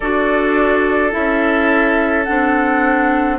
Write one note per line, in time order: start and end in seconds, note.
0.00 1.14 D4
0.00 1.11 F#4
0.00 3.37 A4
0.00 1.11 D5
1.11 2.28 C#4
1.11 2.24 E4
1.11 2.24 E5
2.24 3.38 C4
2.24 3.38 D4
2.24 3.37 F#5